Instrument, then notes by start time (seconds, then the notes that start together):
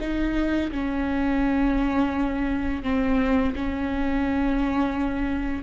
viola
0.00 D#4
0.71 C#4
2.83 C4
3.55 C#4